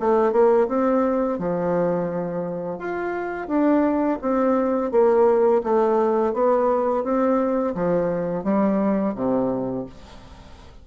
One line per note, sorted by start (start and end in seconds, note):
0.00 0.33 A3
0.33 0.68 A#3
0.68 1.39 C4
1.39 2.79 F3
2.79 3.48 F4
3.48 4.19 D4
4.22 4.92 C4
4.92 5.62 A#3
5.64 6.34 A3
6.34 7.04 B3
7.04 7.75 C4
7.75 8.44 F3
8.44 9.15 G3
9.15 9.86 C3